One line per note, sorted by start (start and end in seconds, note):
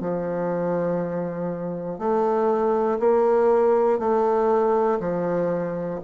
0.00 1.99 F3
1.99 2.99 A3
3.00 3.99 A#3
3.99 4.99 A3
5.00 6.00 F3